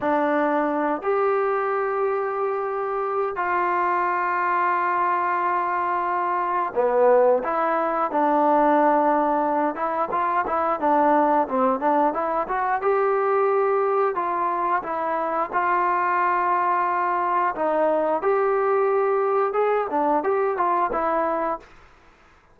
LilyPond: \new Staff \with { instrumentName = "trombone" } { \time 4/4 \tempo 4 = 89 d'4. g'2~ g'8~ | g'4 f'2.~ | f'2 b4 e'4 | d'2~ d'8 e'8 f'8 e'8 |
d'4 c'8 d'8 e'8 fis'8 g'4~ | g'4 f'4 e'4 f'4~ | f'2 dis'4 g'4~ | g'4 gis'8 d'8 g'8 f'8 e'4 | }